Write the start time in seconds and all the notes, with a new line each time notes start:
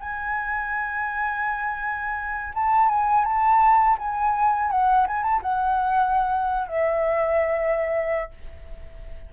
0.00 G#5
2.54 A5
2.88 G#5
3.24 A5
3.98 G#5
4.71 F#5
5.07 G#5
5.23 A5
5.42 F#5
6.68 E5